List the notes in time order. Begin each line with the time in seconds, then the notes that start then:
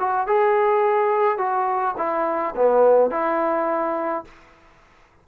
0.00 F#4
0.27 G#4
1.38 F#4
1.98 E4
2.56 B3
3.11 E4